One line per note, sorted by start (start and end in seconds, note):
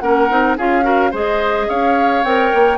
0.00 0.30 A#3
0.00 0.30 C#4
0.00 0.58 A#4
0.00 0.56 F#5
0.30 0.58 C4
0.30 0.58 D#4
0.58 1.13 C#4
0.58 0.83 F4
0.58 0.85 G#4
0.58 1.14 F5
0.83 1.11 F#4
0.83 1.11 A#4
1.11 1.69 G#3
1.11 2.25 G#4
1.11 1.67 C5
1.11 1.70 D#5
1.69 2.24 C#4
1.69 2.78 C#5
1.69 2.25 F5
2.24 2.52 C4
2.24 2.78 A#4
2.24 2.78 G5
2.54 2.78 A#3